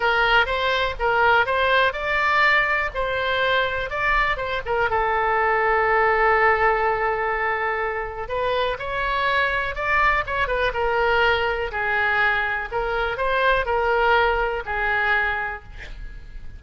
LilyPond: \new Staff \with { instrumentName = "oboe" } { \time 4/4 \tempo 4 = 123 ais'4 c''4 ais'4 c''4 | d''2 c''2 | d''4 c''8 ais'8 a'2~ | a'1~ |
a'4 b'4 cis''2 | d''4 cis''8 b'8 ais'2 | gis'2 ais'4 c''4 | ais'2 gis'2 | }